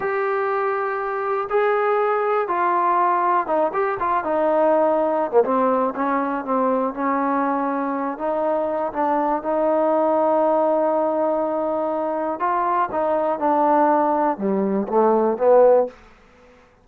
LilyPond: \new Staff \with { instrumentName = "trombone" } { \time 4/4 \tempo 4 = 121 g'2. gis'4~ | gis'4 f'2 dis'8 g'8 | f'8 dis'2~ dis'16 ais16 c'4 | cis'4 c'4 cis'2~ |
cis'8 dis'4. d'4 dis'4~ | dis'1~ | dis'4 f'4 dis'4 d'4~ | d'4 g4 a4 b4 | }